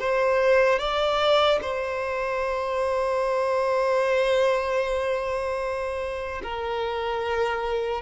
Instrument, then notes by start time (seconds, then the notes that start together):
violin
0.00 C5
0.79 D5
1.62 C5
6.43 A#4